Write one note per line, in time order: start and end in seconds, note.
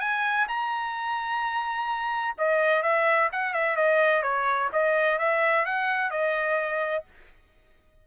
0.00 0.47 G#5
0.48 2.35 A#5
2.37 2.82 D#5
2.82 3.29 E5
3.32 3.53 F#5
3.53 3.76 E5
3.76 4.22 D#5
4.22 4.69 C#5
4.72 5.18 D#5
5.18 5.65 E5
5.65 6.10 F#5
6.10 7.04 D#5